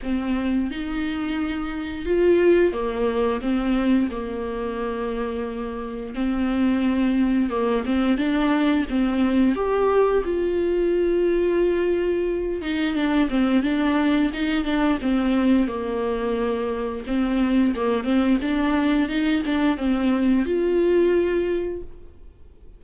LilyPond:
\new Staff \with { instrumentName = "viola" } { \time 4/4 \tempo 4 = 88 c'4 dis'2 f'4 | ais4 c'4 ais2~ | ais4 c'2 ais8 c'8 | d'4 c'4 g'4 f'4~ |
f'2~ f'8 dis'8 d'8 c'8 | d'4 dis'8 d'8 c'4 ais4~ | ais4 c'4 ais8 c'8 d'4 | dis'8 d'8 c'4 f'2 | }